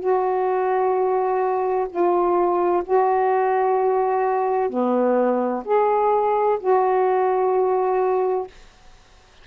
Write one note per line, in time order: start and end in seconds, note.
0.00 1.87 F#4
1.90 2.84 F4
2.84 4.70 F#4
4.70 5.64 B3
5.65 6.59 G#4
6.60 8.48 F#4